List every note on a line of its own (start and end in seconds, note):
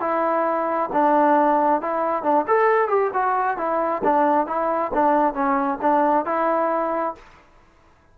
0.00 0.90 E4
0.92 1.81 D4
1.81 2.23 E4
2.23 2.45 D4
2.47 2.88 A4
2.88 3.10 G4
3.13 3.57 F#4
3.57 4.02 E4
4.04 4.46 D4
4.46 4.91 E4
4.94 5.33 D4
5.33 5.78 C#4
5.81 6.25 D4
6.25 7.15 E4